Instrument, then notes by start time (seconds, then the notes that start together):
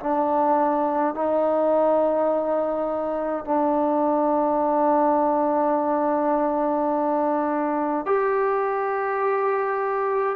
trombone
0.00 D4
1.15 D#4
3.45 D4
8.06 G4